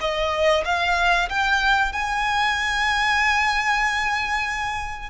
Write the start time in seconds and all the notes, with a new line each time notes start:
0.00 D#5
0.64 F5
1.29 G5
1.92 G#5